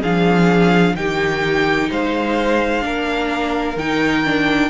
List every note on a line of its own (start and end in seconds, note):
0.00 0.95 F3
0.00 0.96 D4
0.00 0.94 G#4
0.00 0.95 F5
0.95 1.88 D#3
0.95 2.81 D#4
0.95 1.89 G4
0.95 1.89 G5
1.89 2.84 G#3
1.89 2.83 C5
1.89 3.78 F5
2.81 3.76 A#3
2.81 3.74 D4
2.81 4.69 A#4
3.76 4.69 D#3
3.76 4.25 D#4
3.76 4.69 G5
4.25 4.69 D4